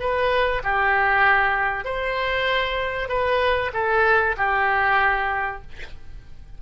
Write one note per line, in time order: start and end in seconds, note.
0.00 0.62 B4
0.63 1.85 G4
1.85 3.09 C5
3.09 3.72 B4
3.74 4.36 A4
4.37 5.62 G4